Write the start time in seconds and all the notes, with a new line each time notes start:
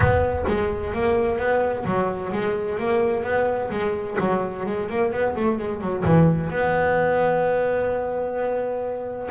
0.00 B3
0.47 G#3
0.93 A#3
1.38 B3
1.85 F#3
2.32 G#3
2.78 A#3
3.23 B3
3.70 G#3
4.19 F#3
4.66 G#3
4.89 A#3
5.11 B3
5.36 A3
5.58 G#3
5.80 F#3
6.04 E3
6.49 B3